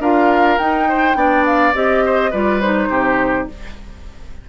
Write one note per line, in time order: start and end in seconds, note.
0.00 0.58 D4
0.00 0.59 F4
0.00 0.88 A#4
0.00 0.58 F5
0.58 1.16 D#4
0.58 1.15 D#4
0.58 1.45 G5
0.89 1.17 C5
1.15 1.74 B3
1.15 1.74 D4
1.15 2.05 D5
1.46 1.75 F5
1.74 2.33 C4
1.74 2.33 G4
1.74 2.32 D#5
2.05 2.31 C5
2.31 2.89 G3
2.31 2.62 F4
2.31 2.89 B4
2.31 2.61 D5
2.61 3.49 D#4
2.61 3.48 C5
2.89 3.47 C3
2.89 3.48 G4